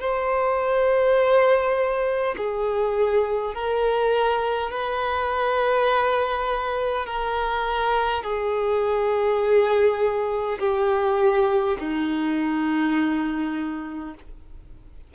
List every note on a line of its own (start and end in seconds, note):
0.00 2.35 C5
2.37 3.55 G#4
3.55 4.71 A#4
4.71 7.06 B4
7.06 8.24 A#4
8.24 10.59 G#4
10.59 11.77 G4
11.80 14.15 D#4